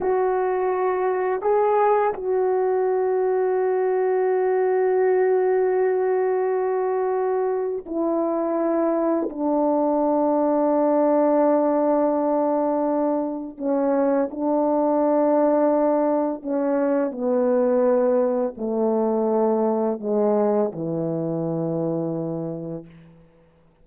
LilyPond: \new Staff \with { instrumentName = "horn" } { \time 4/4 \tempo 4 = 84 fis'2 gis'4 fis'4~ | fis'1~ | fis'2. e'4~ | e'4 d'2.~ |
d'2. cis'4 | d'2. cis'4 | b2 a2 | gis4 e2. | }